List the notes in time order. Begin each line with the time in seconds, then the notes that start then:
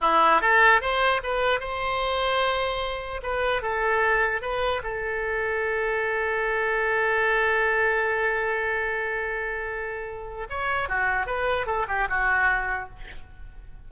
0.01 E4
0.41 A4
0.81 C5
1.23 B4
1.60 C5
3.23 B4
3.61 A4
4.41 B4
4.83 A4
10.49 C#5
10.88 F#4
11.26 B4
11.66 A4
11.88 G4
12.09 F#4